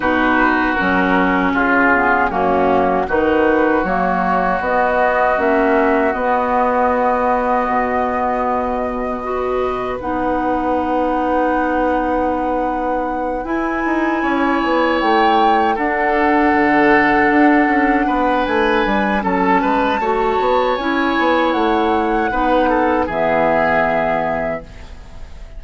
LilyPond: <<
  \new Staff \with { instrumentName = "flute" } { \time 4/4 \tempo 4 = 78 b'4 ais'4 gis'4 fis'4 | b'4 cis''4 dis''4 e''4 | dis''1~ | dis''4 fis''2.~ |
fis''4. gis''2 g''8~ | g''8 fis''2.~ fis''8 | gis''4 a''2 gis''4 | fis''2 e''2 | }
  \new Staff \with { instrumentName = "oboe" } { \time 4/4 fis'2 f'4 cis'4 | fis'1~ | fis'1 | b'1~ |
b'2~ b'8 cis''4.~ | cis''8 a'2. b'8~ | b'4 a'8 b'8 cis''2~ | cis''4 b'8 a'8 gis'2 | }
  \new Staff \with { instrumentName = "clarinet" } { \time 4/4 dis'4 cis'4. b8 ais4 | dis'4 ais4 b4 cis'4 | b1 | fis'4 dis'2.~ |
dis'4. e'2~ e'8~ | e'8 d'2.~ d'8~ | d'4 cis'4 fis'4 e'4~ | e'4 dis'4 b2 | }
  \new Staff \with { instrumentName = "bassoon" } { \time 4/4 b,4 fis4 cis4 fis,4 | dis4 fis4 b4 ais4 | b2 b,2~ | b,4 b2.~ |
b4. e'8 dis'8 cis'8 b8 a8~ | a8 d'4 d4 d'8 cis'8 b8 | a8 g8 fis8 gis8 a8 b8 cis'8 b8 | a4 b4 e2 | }
>>